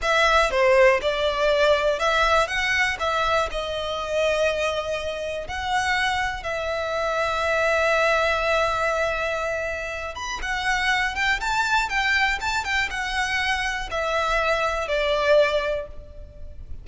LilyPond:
\new Staff \with { instrumentName = "violin" } { \time 4/4 \tempo 4 = 121 e''4 c''4 d''2 | e''4 fis''4 e''4 dis''4~ | dis''2. fis''4~ | fis''4 e''2.~ |
e''1~ | e''8 b''8 fis''4. g''8 a''4 | g''4 a''8 g''8 fis''2 | e''2 d''2 | }